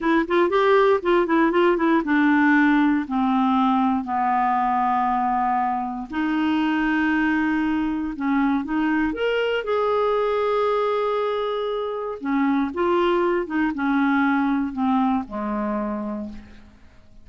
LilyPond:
\new Staff \with { instrumentName = "clarinet" } { \time 4/4 \tempo 4 = 118 e'8 f'8 g'4 f'8 e'8 f'8 e'8 | d'2 c'2 | b1 | dis'1 |
cis'4 dis'4 ais'4 gis'4~ | gis'1 | cis'4 f'4. dis'8 cis'4~ | cis'4 c'4 gis2 | }